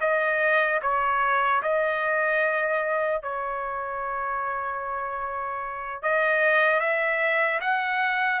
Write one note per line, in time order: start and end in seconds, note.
0.00 0.80 D#5
0.81 1.61 C#5
1.62 3.22 D#5
3.22 6.02 C#5
6.02 6.80 D#5
6.80 7.60 E5
7.60 8.40 F#5